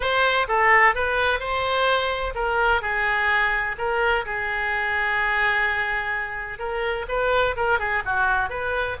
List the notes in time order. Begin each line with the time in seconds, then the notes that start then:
0.00 C5
0.48 A4
0.94 B4
1.39 C5
2.34 A#4
2.81 G#4
3.78 A#4
4.25 G#4
6.58 A#4
7.08 B4
7.56 A#4
7.79 G#4
8.05 F#4
8.49 B4